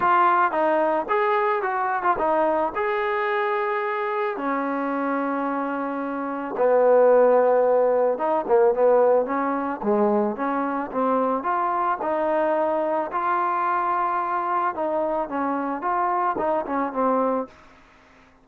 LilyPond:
\new Staff \with { instrumentName = "trombone" } { \time 4/4 \tempo 4 = 110 f'4 dis'4 gis'4 fis'8. f'16 | dis'4 gis'2. | cis'1 | b2. dis'8 ais8 |
b4 cis'4 gis4 cis'4 | c'4 f'4 dis'2 | f'2. dis'4 | cis'4 f'4 dis'8 cis'8 c'4 | }